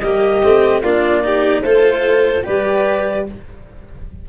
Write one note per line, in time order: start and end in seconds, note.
0.00 0.41 G3
0.00 0.43 A#3
0.00 0.82 G4
0.00 0.81 D#5
0.43 0.82 A3
0.43 0.83 C4
0.82 1.62 A#3
0.82 1.23 D4
0.82 1.23 F4
0.82 1.62 D5
1.23 1.64 D#4
1.23 1.63 G4
1.62 2.43 A3
1.62 2.44 F4
1.62 2.44 A4
1.62 2.43 C5
2.44 3.29 G3
2.44 3.25 G4
2.44 3.26 B4
2.44 3.26 D5